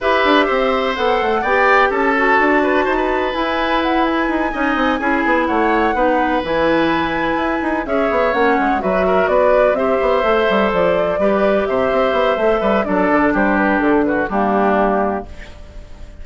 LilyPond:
<<
  \new Staff \with { instrumentName = "flute" } { \time 4/4 \tempo 4 = 126 e''2 fis''4 g''4 | a''2. gis''4 | fis''8 gis''2. fis''8~ | fis''4. gis''2~ gis''8~ |
gis''8 e''4 fis''4 e''4 d''8~ | d''8 e''2 d''4.~ | d''8 e''2~ e''8 d''4 | c''8 b'8 a'8 b'8 g'2 | }
  \new Staff \with { instrumentName = "oboe" } { \time 4/4 b'4 c''2 d''4 | a'4. b'8 c''16 b'4.~ b'16~ | b'4. dis''4 gis'4 cis''8~ | cis''8 b'2.~ b'8~ |
b'8 cis''2 b'8 ais'8 b'8~ | b'8 c''2. b'8~ | b'8 c''2 b'8 a'4 | g'4. fis'8 d'2 | }
  \new Staff \with { instrumentName = "clarinet" } { \time 4/4 g'2 a'4 g'4~ | g'8 fis'2~ fis'8 e'4~ | e'4. dis'4 e'4.~ | e'8 dis'4 e'2~ e'8~ |
e'8 gis'4 cis'4 fis'4.~ | fis'8 g'4 a'2 g'8~ | g'2 a'4 d'4~ | d'2 ais2 | }
  \new Staff \with { instrumentName = "bassoon" } { \time 4/4 e'8 d'8 c'4 b8 a8 b4 | cis'4 d'4 dis'4 e'4~ | e'4 dis'8 cis'8 c'8 cis'8 b8 a8~ | a8 b4 e2 e'8 |
dis'8 cis'8 b8 ais8 gis8 fis4 b8~ | b8 c'8 b8 a8 g8 f4 g8~ | g8 c8 c'8 b8 a8 g8 fis8 d8 | g4 d4 g2 | }
>>